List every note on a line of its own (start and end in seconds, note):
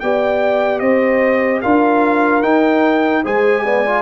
0.00 0.81 B3
0.00 1.64 G4
0.00 0.82 D5
0.00 0.79 G5
0.79 1.62 C4
0.79 1.61 C5
0.79 1.60 D#5
1.61 2.43 D4
1.61 2.43 F4
1.61 3.23 A#4
1.61 2.42 F5
2.42 3.24 D#4
2.42 3.23 G5
3.23 4.02 G#3
3.23 3.64 G#4
3.23 3.64 C5
3.23 4.02 G#5
3.64 3.85 B3
3.64 4.02 D5
3.85 4.02 F4